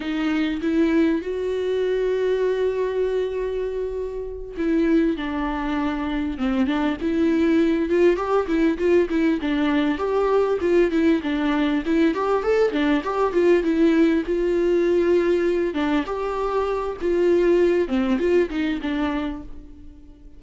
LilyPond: \new Staff \with { instrumentName = "viola" } { \time 4/4 \tempo 4 = 99 dis'4 e'4 fis'2~ | fis'2.~ fis'8 e'8~ | e'8 d'2 c'8 d'8 e'8~ | e'4 f'8 g'8 e'8 f'8 e'8 d'8~ |
d'8 g'4 f'8 e'8 d'4 e'8 | g'8 a'8 d'8 g'8 f'8 e'4 f'8~ | f'2 d'8 g'4. | f'4. c'8 f'8 dis'8 d'4 | }